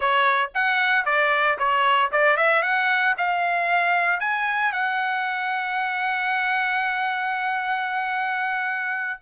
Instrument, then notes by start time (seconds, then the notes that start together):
trumpet
0.00 C#5
0.54 F#5
1.05 D5
1.58 C#5
2.11 D5
2.36 E5
2.62 F#5
3.17 F5
4.20 G#5
4.72 F#5